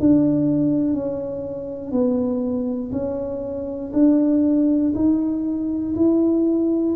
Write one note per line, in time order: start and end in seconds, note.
0.00 0.94 D4
0.94 1.91 C#4
1.91 2.91 B3
2.92 3.92 C#4
3.93 4.93 D4
4.95 5.95 D#4
5.95 6.95 E4